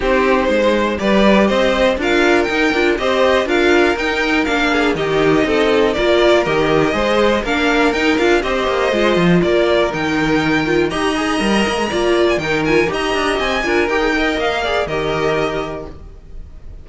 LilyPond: <<
  \new Staff \with { instrumentName = "violin" } { \time 4/4 \tempo 4 = 121 c''2 d''4 dis''4 | f''4 g''4 dis''4 f''4 | g''4 f''4 dis''2 | d''4 dis''2 f''4 |
g''8 f''8 dis''2 d''4 | g''2 ais''2~ | ais''8. gis''16 g''8 gis''8 ais''4 gis''4 | g''4 f''4 dis''2 | }
  \new Staff \with { instrumentName = "violin" } { \time 4/4 g'4 c''4 b'4 c''4 | ais'2 c''4 ais'4~ | ais'4. gis'8 g'4 a'4 | ais'2 c''4 ais'4~ |
ais'4 c''2 ais'4~ | ais'2 dis''2 | d''4 ais'4 dis''4. ais'8~ | ais'8 dis''4 d''8 ais'2 | }
  \new Staff \with { instrumentName = "viola" } { \time 4/4 dis'2 g'2 | f'4 dis'8 f'8 g'4 f'4 | dis'4 d'4 dis'2 | f'4 g'4 gis'4 d'4 |
dis'8 f'8 g'4 f'2 | dis'4. f'8 g'8 gis'8 ais'4 | f'4 dis'8 f'8 g'4. f'8 | g'16 gis'16 ais'4 gis'8 g'2 | }
  \new Staff \with { instrumentName = "cello" } { \time 4/4 c'4 gis4 g4 c'4 | d'4 dis'8 d'8 c'4 d'4 | dis'4 ais4 dis4 c'4 | ais4 dis4 gis4 ais4 |
dis'8 d'8 c'8 ais8 gis8 f8 ais4 | dis2 dis'4 g8 ais16 gis16 | ais4 dis4 dis'8 d'8 c'8 d'8 | dis'4 ais4 dis2 | }
>>